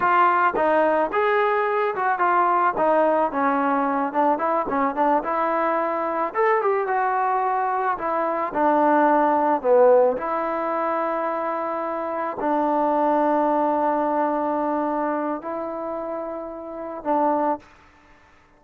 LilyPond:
\new Staff \with { instrumentName = "trombone" } { \time 4/4 \tempo 4 = 109 f'4 dis'4 gis'4. fis'8 | f'4 dis'4 cis'4. d'8 | e'8 cis'8 d'8 e'2 a'8 | g'8 fis'2 e'4 d'8~ |
d'4. b4 e'4.~ | e'2~ e'8 d'4.~ | d'1 | e'2. d'4 | }